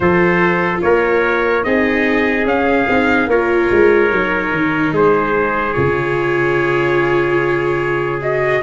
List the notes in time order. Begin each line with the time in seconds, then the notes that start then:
0.00 F3 F4 A4 C5
0.81 A#3 A#4 C#5
1.63 C4 D#4 G#4 D#5
2.45 C#4 F5
2.88 C4 D#4
3.27 A#3 F4 A#4 C#5
3.71 G#3
4.10 F#3 D#4
4.51 D#3
4.92 G#3 G#4 C5
5.73 C#3 F4 C#5
8.21 F#4 D#5